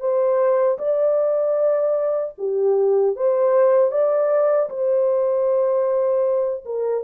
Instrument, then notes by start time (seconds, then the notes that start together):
horn
0.00 C5
0.79 D5
2.38 G4
3.16 C5
3.91 D5
4.70 C5
6.65 A#4